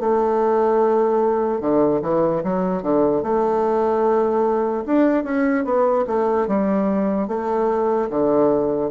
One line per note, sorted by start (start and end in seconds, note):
0.00 1.61 A3
1.61 2.01 D3
2.02 2.43 E3
2.43 2.83 F#3
2.83 3.22 D3
3.22 4.85 A3
4.86 5.24 D4
5.24 5.65 C#4
5.65 6.06 B3
6.07 6.48 A3
6.48 7.28 G3
7.28 8.09 A3
8.10 8.91 D3